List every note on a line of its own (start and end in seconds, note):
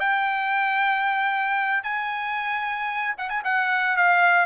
0.00 1.83 G5
1.83 3.15 G#5
3.18 3.29 F#5
3.29 3.42 G#5
3.44 3.96 F#5
3.96 4.46 F5